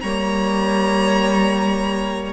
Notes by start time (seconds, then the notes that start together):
0.00 G3 A#3 C#5 A#5